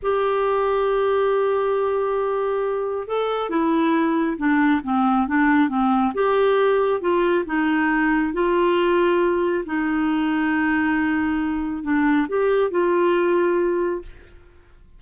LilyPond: \new Staff \with { instrumentName = "clarinet" } { \time 4/4 \tempo 4 = 137 g'1~ | g'2. a'4 | e'2 d'4 c'4 | d'4 c'4 g'2 |
f'4 dis'2 f'4~ | f'2 dis'2~ | dis'2. d'4 | g'4 f'2. | }